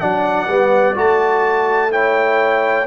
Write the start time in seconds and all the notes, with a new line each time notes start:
0.00 F#3 D4 D5 F#5
0.49 G3 B3
0.95 A3 F#4 A5
1.91 E4 C#5 G5